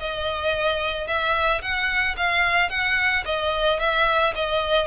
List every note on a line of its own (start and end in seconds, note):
0.00 1.07 D#5
1.07 1.61 E5
1.62 2.16 F#5
2.17 2.70 F5
2.70 3.24 F#5
3.26 3.80 D#5
3.80 4.34 E5
4.35 4.88 D#5